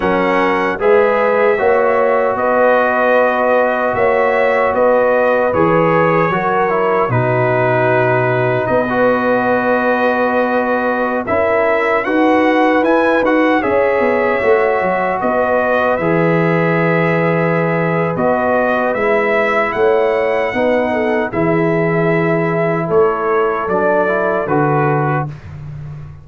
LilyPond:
<<
  \new Staff \with { instrumentName = "trumpet" } { \time 4/4 \tempo 4 = 76 fis''4 e''2 dis''4~ | dis''4 e''4 dis''4 cis''4~ | cis''4 b'2 dis''4~ | dis''2~ dis''16 e''4 fis''8.~ |
fis''16 gis''8 fis''8 e''2 dis''8.~ | dis''16 e''2~ e''8. dis''4 | e''4 fis''2 e''4~ | e''4 cis''4 d''4 b'4 | }
  \new Staff \with { instrumentName = "horn" } { \time 4/4 ais'4 b'4 cis''4 b'4~ | b'4 cis''4 b'2 | ais'4 fis'2 b'4~ | b'2~ b'16 ais'4 b'8.~ |
b'4~ b'16 cis''2 b'8.~ | b'1~ | b'4 cis''4 b'8 a'8 gis'4~ | gis'4 a'2. | }
  \new Staff \with { instrumentName = "trombone" } { \time 4/4 cis'4 gis'4 fis'2~ | fis'2. gis'4 | fis'8 e'8 dis'2~ dis'16 fis'8.~ | fis'2~ fis'16 e'4 fis'8.~ |
fis'16 e'8 fis'8 gis'4 fis'4.~ fis'16~ | fis'16 gis'2~ gis'8. fis'4 | e'2 dis'4 e'4~ | e'2 d'8 e'8 fis'4 | }
  \new Staff \with { instrumentName = "tuba" } { \time 4/4 fis4 gis4 ais4 b4~ | b4 ais4 b4 e4 | fis4 b,2 b4~ | b2~ b16 cis'4 dis'8.~ |
dis'16 e'8 dis'8 cis'8 b8 a8 fis8 b8.~ | b16 e2~ e8. b4 | gis4 a4 b4 e4~ | e4 a4 fis4 d4 | }
>>